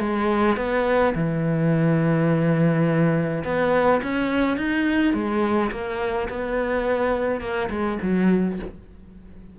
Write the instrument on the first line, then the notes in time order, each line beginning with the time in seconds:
cello
0.00 G#3
0.57 B3
1.15 E3
3.44 B3
4.03 C#4
4.58 D#4
5.14 G#3
5.72 A#3
6.30 B3
7.41 A#3
7.70 G#3
8.02 F#3